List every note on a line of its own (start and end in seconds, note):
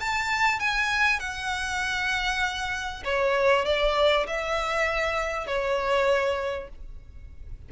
0.00 0.60 A5
0.60 1.19 G#5
1.19 3.03 F#5
3.04 3.65 C#5
3.65 4.26 D5
4.27 5.47 E5
5.47 6.69 C#5